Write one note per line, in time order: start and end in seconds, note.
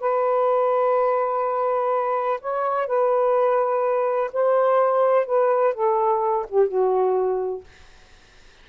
0.00 2.40 B4
2.41 2.87 C#5
2.87 4.31 B4
4.33 5.26 C5
5.26 5.74 B4
5.74 6.46 A4
6.48 6.68 G4
6.68 7.64 F#4